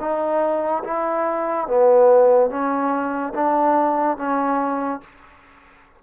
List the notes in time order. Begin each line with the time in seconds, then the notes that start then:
0.00 D#4
0.84 E4
1.67 B3
2.50 C#4
3.34 D4
4.17 C#4